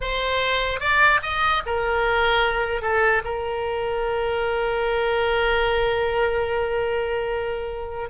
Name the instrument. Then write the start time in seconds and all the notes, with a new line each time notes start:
oboe
0.00 C5
0.79 D5
1.22 D#5
1.65 A#4
2.81 A4
3.24 A#4